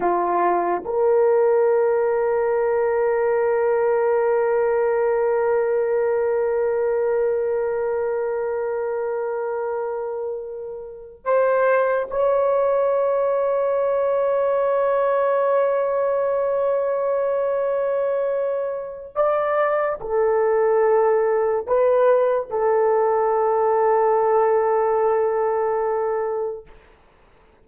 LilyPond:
\new Staff \with { instrumentName = "horn" } { \time 4/4 \tempo 4 = 72 f'4 ais'2.~ | ais'1~ | ais'1~ | ais'4. c''4 cis''4.~ |
cis''1~ | cis''2. d''4 | a'2 b'4 a'4~ | a'1 | }